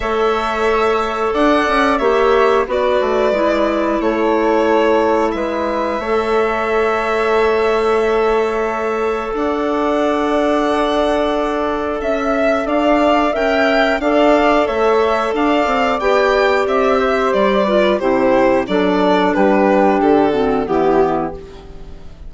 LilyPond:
<<
  \new Staff \with { instrumentName = "violin" } { \time 4/4 \tempo 4 = 90 e''2 fis''4 e''4 | d''2 cis''2 | e''1~ | e''2 fis''2~ |
fis''2 e''4 f''4 | g''4 f''4 e''4 f''4 | g''4 e''4 d''4 c''4 | d''4 b'4 a'4 g'4 | }
  \new Staff \with { instrumentName = "flute" } { \time 4/4 cis''2 d''4 cis''4 | b'2 a'2 | b'4 cis''2.~ | cis''2 d''2~ |
d''2 e''4 d''4 | e''4 d''4 cis''4 d''4~ | d''4. c''4 b'8 g'4 | a'4 g'4. fis'8 e'4 | }
  \new Staff \with { instrumentName = "clarinet" } { \time 4/4 a'2. g'4 | fis'4 e'2.~ | e'4 a'2.~ | a'1~ |
a'1 | ais'4 a'2. | g'2~ g'8 f'8 e'4 | d'2~ d'8 c'8 b4 | }
  \new Staff \with { instrumentName = "bassoon" } { \time 4/4 a2 d'8 cis'8 ais4 | b8 a8 gis4 a2 | gis4 a2.~ | a2 d'2~ |
d'2 cis'4 d'4 | cis'4 d'4 a4 d'8 c'8 | b4 c'4 g4 c4 | fis4 g4 d4 e4 | }
>>